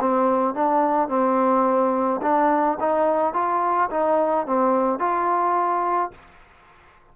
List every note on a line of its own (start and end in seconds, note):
0.00 0.55 C4
0.55 1.09 D4
1.09 2.21 C4
2.22 2.78 D4
2.80 3.34 D#4
3.34 3.90 F4
3.91 4.47 D#4
4.47 4.99 C4
4.99 6.11 F4